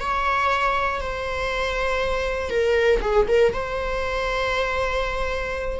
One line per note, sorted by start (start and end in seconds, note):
0.00 1.01 C#5
1.01 2.50 C5
2.50 3.00 A#4
3.01 3.27 G#4
3.28 3.53 A#4
3.54 5.80 C5